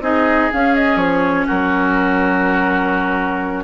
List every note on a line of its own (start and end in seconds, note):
0.00 0.48 C4
0.00 0.50 D#4
0.00 1.46 G#4
0.00 0.51 D#5
0.52 3.64 C#4
0.52 0.96 C#4
0.52 0.75 F5
0.75 0.97 D#5
0.96 1.44 F3
0.96 1.46 C#5
1.46 3.64 F#3
1.46 3.64 F#4
1.46 3.64 A#4